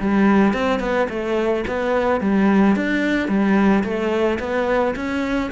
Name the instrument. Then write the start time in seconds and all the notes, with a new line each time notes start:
cello
0.00 G3
0.53 C4
0.80 B3
1.09 A3
1.67 B3
2.20 G3
2.75 D4
3.28 G3
3.83 A3
4.39 B3
4.95 C#4